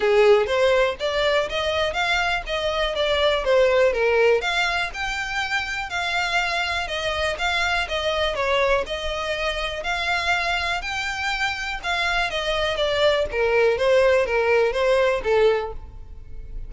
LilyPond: \new Staff \with { instrumentName = "violin" } { \time 4/4 \tempo 4 = 122 gis'4 c''4 d''4 dis''4 | f''4 dis''4 d''4 c''4 | ais'4 f''4 g''2 | f''2 dis''4 f''4 |
dis''4 cis''4 dis''2 | f''2 g''2 | f''4 dis''4 d''4 ais'4 | c''4 ais'4 c''4 a'4 | }